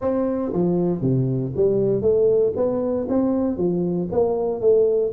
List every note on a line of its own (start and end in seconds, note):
0.01 0.52 C4
0.52 1.01 F3
1.01 1.52 C3
1.55 2.01 G3
2.01 2.53 A3
2.56 3.07 B3
3.08 3.57 C4
3.57 4.08 F3
4.11 4.60 A#3
4.60 5.12 A3